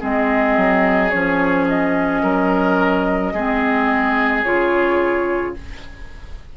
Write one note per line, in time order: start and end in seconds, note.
0.00 0.57 G#3
0.00 1.11 C4
0.00 2.22 G#4
0.00 1.10 D#5
0.57 1.12 F#3
1.10 2.23 F3
1.10 3.35 C#4
1.10 1.66 C#5
1.68 4.43 D#5
2.23 3.34 F#3
2.23 3.33 A#4
3.33 4.45 G#3
3.33 4.45 C4
3.33 5.56 G#4
4.43 5.57 C#3
4.43 5.56 F4
4.43 5.54 C#5